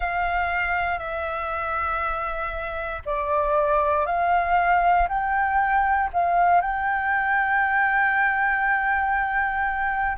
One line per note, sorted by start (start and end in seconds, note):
0.00 0.98 F5
0.98 3.02 E5
3.05 4.06 D5
4.06 5.08 F5
5.08 6.10 G5
6.13 6.61 F5
6.61 10.17 G5